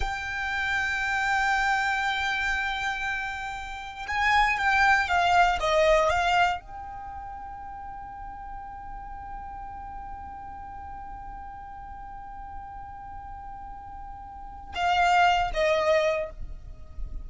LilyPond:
\new Staff \with { instrumentName = "violin" } { \time 4/4 \tempo 4 = 118 g''1~ | g''1 | gis''4 g''4 f''4 dis''4 | f''4 g''2.~ |
g''1~ | g''1~ | g''1~ | g''4 f''4. dis''4. | }